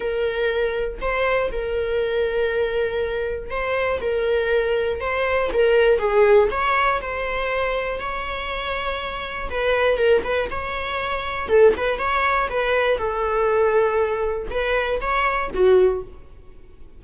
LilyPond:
\new Staff \with { instrumentName = "viola" } { \time 4/4 \tempo 4 = 120 ais'2 c''4 ais'4~ | ais'2. c''4 | ais'2 c''4 ais'4 | gis'4 cis''4 c''2 |
cis''2. b'4 | ais'8 b'8 cis''2 a'8 b'8 | cis''4 b'4 a'2~ | a'4 b'4 cis''4 fis'4 | }